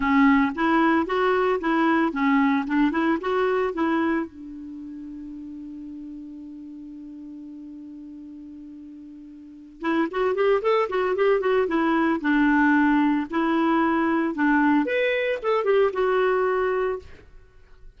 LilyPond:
\new Staff \with { instrumentName = "clarinet" } { \time 4/4 \tempo 4 = 113 cis'4 e'4 fis'4 e'4 | cis'4 d'8 e'8 fis'4 e'4 | d'1~ | d'1~ |
d'2~ d'8 e'8 fis'8 g'8 | a'8 fis'8 g'8 fis'8 e'4 d'4~ | d'4 e'2 d'4 | b'4 a'8 g'8 fis'2 | }